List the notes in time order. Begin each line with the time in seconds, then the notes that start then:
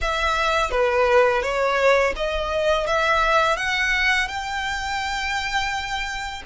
0.01 E5
0.70 B4
1.42 C#5
2.16 D#5
2.86 E5
3.56 F#5
4.28 G5